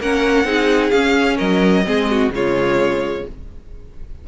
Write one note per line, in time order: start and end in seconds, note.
0.00 0.44 A#3
0.00 0.45 C#4
0.00 0.46 A#4
0.00 0.91 F#5
0.44 0.91 C4
0.44 0.92 D#4
0.44 1.37 G#4
0.91 1.39 C#4
0.91 1.85 C#4
0.91 1.37 F5
1.37 1.87 F#3
1.37 1.83 A#4
1.37 2.31 D#5
1.85 2.29 G#3
1.85 2.31 C4
1.85 2.11 G#4
2.11 2.34 F#4
2.29 3.22 C#3
2.29 3.27 G#3
2.29 3.27 F4
2.29 3.28 C#5